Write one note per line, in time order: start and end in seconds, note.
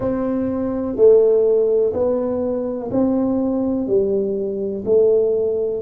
0.00 0.95 C4
0.95 1.92 A3
1.93 2.90 B3
2.91 3.87 C4
3.87 4.84 G3
4.85 5.82 A3